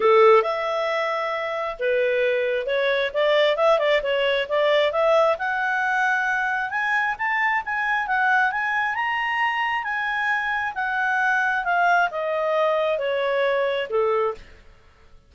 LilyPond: \new Staff \with { instrumentName = "clarinet" } { \time 4/4 \tempo 4 = 134 a'4 e''2. | b'2 cis''4 d''4 | e''8 d''8 cis''4 d''4 e''4 | fis''2. gis''4 |
a''4 gis''4 fis''4 gis''4 | ais''2 gis''2 | fis''2 f''4 dis''4~ | dis''4 cis''2 a'4 | }